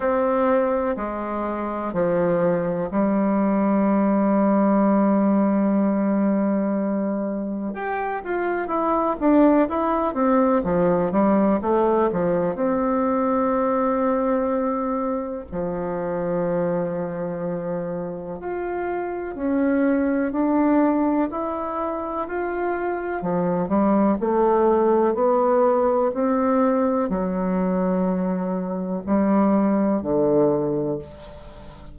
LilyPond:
\new Staff \with { instrumentName = "bassoon" } { \time 4/4 \tempo 4 = 62 c'4 gis4 f4 g4~ | g1 | g'8 f'8 e'8 d'8 e'8 c'8 f8 g8 | a8 f8 c'2. |
f2. f'4 | cis'4 d'4 e'4 f'4 | f8 g8 a4 b4 c'4 | fis2 g4 d4 | }